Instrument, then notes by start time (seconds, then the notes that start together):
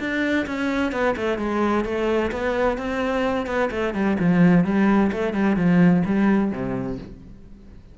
cello
0.00 D4
0.47 C#4
0.93 B3
1.17 A3
1.39 G#3
1.85 A3
2.32 B3
2.78 C4
3.47 B3
3.71 A3
3.95 G3
4.20 F3
4.65 G3
5.13 A3
5.34 G3
5.57 F3
6.06 G3
6.52 C3